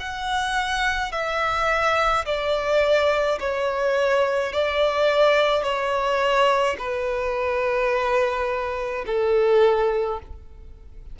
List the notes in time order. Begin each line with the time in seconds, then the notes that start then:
0.00 F#5
1.12 E5
2.26 D5
3.40 C#5
4.53 D5
5.63 C#5
6.79 B4
9.06 A4